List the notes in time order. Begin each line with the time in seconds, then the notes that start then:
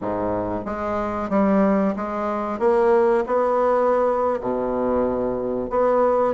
0.01 G#2
0.65 G#3
1.29 G3
1.96 G#3
2.59 A#3
3.26 B3
4.40 B2
5.70 B3